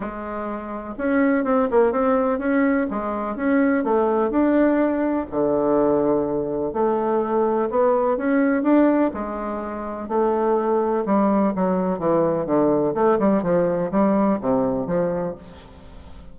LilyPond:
\new Staff \with { instrumentName = "bassoon" } { \time 4/4 \tempo 4 = 125 gis2 cis'4 c'8 ais8 | c'4 cis'4 gis4 cis'4 | a4 d'2 d4~ | d2 a2 |
b4 cis'4 d'4 gis4~ | gis4 a2 g4 | fis4 e4 d4 a8 g8 | f4 g4 c4 f4 | }